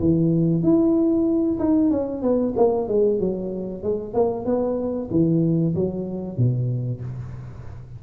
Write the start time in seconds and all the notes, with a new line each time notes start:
0.00 E3
0.63 E4
1.60 D#4
1.91 C#4
2.22 B3
2.57 A#3
2.88 G#3
3.20 F#3
3.83 G#3
4.14 A#3
4.46 B3
5.11 E3
5.75 F#3
6.38 B2